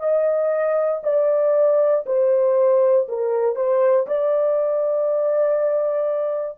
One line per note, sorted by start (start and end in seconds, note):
0.00 1.02 D#5
1.04 2.05 D5
2.06 3.08 C5
3.09 3.56 A#4
3.56 4.07 C5
4.07 6.59 D5